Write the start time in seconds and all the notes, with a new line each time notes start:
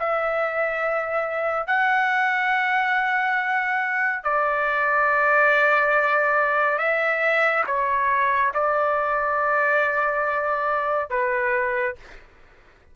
0.00 E5
1.67 F#5
4.24 D5
6.79 E5
7.67 C#5
8.54 D5
11.10 B4